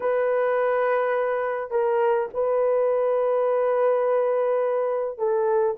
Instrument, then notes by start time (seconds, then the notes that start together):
horn
0.00 B4
1.70 A#4
2.33 B4
5.18 A4